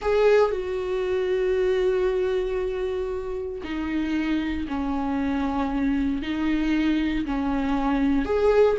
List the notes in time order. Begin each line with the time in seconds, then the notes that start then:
0.01 G#4
0.51 F#4
3.63 D#4
4.68 C#4
6.22 D#4
7.25 C#4
8.25 G#4